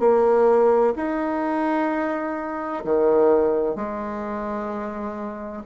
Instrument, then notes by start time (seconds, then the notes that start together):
bassoon
0.00 A#3
0.96 D#4
2.85 D#3
3.76 G#3